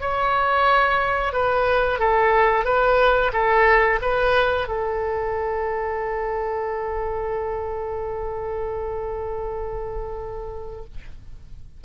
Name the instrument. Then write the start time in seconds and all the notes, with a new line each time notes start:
oboe
0.00 C#5
1.33 B4
1.99 A4
2.65 B4
3.33 A4
4.01 B4
4.68 A4